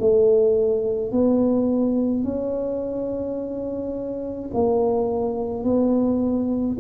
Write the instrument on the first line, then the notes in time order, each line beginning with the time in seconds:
tuba
0.00 A3
1.12 B3
2.24 C#4
4.54 A#3
5.64 B3